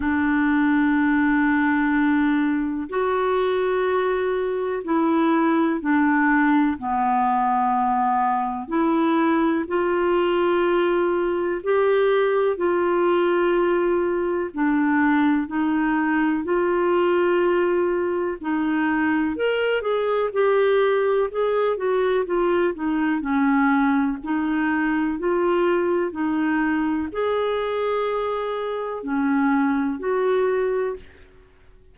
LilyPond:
\new Staff \with { instrumentName = "clarinet" } { \time 4/4 \tempo 4 = 62 d'2. fis'4~ | fis'4 e'4 d'4 b4~ | b4 e'4 f'2 | g'4 f'2 d'4 |
dis'4 f'2 dis'4 | ais'8 gis'8 g'4 gis'8 fis'8 f'8 dis'8 | cis'4 dis'4 f'4 dis'4 | gis'2 cis'4 fis'4 | }